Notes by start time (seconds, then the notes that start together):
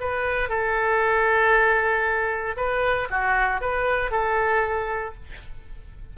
0.00 B4
0.49 A4
2.56 B4
3.10 F#4
3.61 B4
4.11 A4